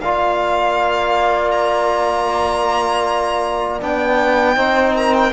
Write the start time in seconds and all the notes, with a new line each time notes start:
0.00 A#3 F4 D5 F5
1.50 A#5
3.81 B3 D4 G5
4.55 C4 D#4 C5
4.94 A#4 A#5
5.13 G5